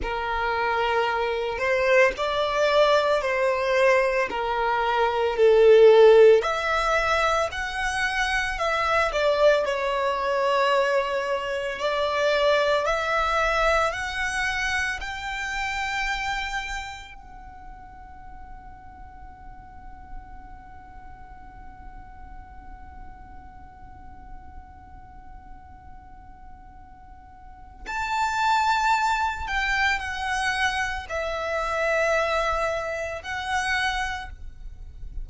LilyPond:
\new Staff \with { instrumentName = "violin" } { \time 4/4 \tempo 4 = 56 ais'4. c''8 d''4 c''4 | ais'4 a'4 e''4 fis''4 | e''8 d''8 cis''2 d''4 | e''4 fis''4 g''2 |
fis''1~ | fis''1~ | fis''2 a''4. g''8 | fis''4 e''2 fis''4 | }